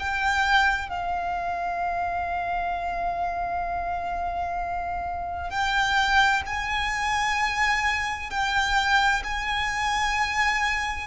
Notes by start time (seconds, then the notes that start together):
0.00 G5
0.90 F5
5.50 G5
6.47 G#5
8.31 G5
9.24 G#5